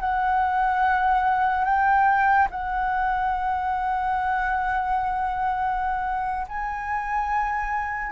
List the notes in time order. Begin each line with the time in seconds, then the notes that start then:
0.00 F#5
1.64 G5
2.51 F#5
6.48 G#5